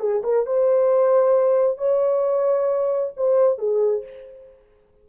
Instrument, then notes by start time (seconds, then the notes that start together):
horn
0.00 G#4
0.24 A#4
0.46 C5
1.78 C#5
3.17 C5
3.58 G#4